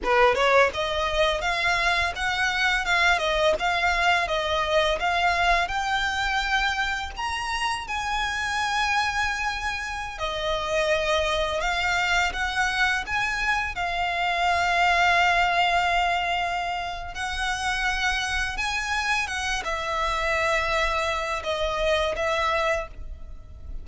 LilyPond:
\new Staff \with { instrumentName = "violin" } { \time 4/4 \tempo 4 = 84 b'8 cis''8 dis''4 f''4 fis''4 | f''8 dis''8 f''4 dis''4 f''4 | g''2 ais''4 gis''4~ | gis''2~ gis''16 dis''4.~ dis''16~ |
dis''16 f''4 fis''4 gis''4 f''8.~ | f''1 | fis''2 gis''4 fis''8 e''8~ | e''2 dis''4 e''4 | }